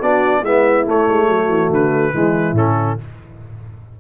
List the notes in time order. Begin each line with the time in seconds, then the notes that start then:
0.00 B3 D4 F#4 D5
0.41 G#3 B3 E4 E5
0.86 A3 C#5
1.09 G#3
1.29 F#3 F#4
1.49 E3
1.70 D3 B4
2.14 E3 G#3 E4
2.53 A2 C#4 A4